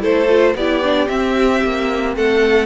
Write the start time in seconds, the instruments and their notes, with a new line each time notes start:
0.00 cello A3, viola E4, violin A4 C5
0.29 viola F4
0.55 cello B3, viola E4, violin G4 D5
0.85 viola D4
1.09 viola C4, cello C4, violin E5
1.64 cello A#3
2.16 cello A3, violin A4 F#5